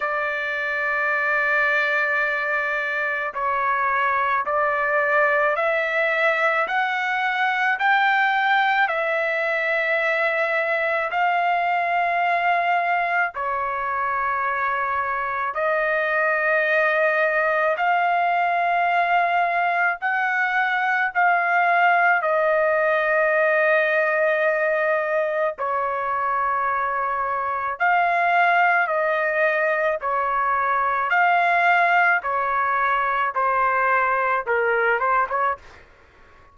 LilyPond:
\new Staff \with { instrumentName = "trumpet" } { \time 4/4 \tempo 4 = 54 d''2. cis''4 | d''4 e''4 fis''4 g''4 | e''2 f''2 | cis''2 dis''2 |
f''2 fis''4 f''4 | dis''2. cis''4~ | cis''4 f''4 dis''4 cis''4 | f''4 cis''4 c''4 ais'8 c''16 cis''16 | }